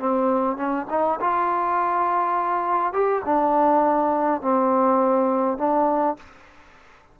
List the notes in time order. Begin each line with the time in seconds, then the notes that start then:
0.00 C4
0.57 C#4
0.90 D#4
1.21 F4
2.93 G4
3.25 D4
4.42 C4
5.58 D4